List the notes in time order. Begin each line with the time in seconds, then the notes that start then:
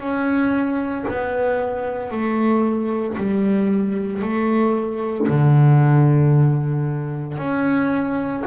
0.00 C#4
1.09 B3
2.11 A3
3.17 G3
4.22 A3
5.28 D3
7.38 C#4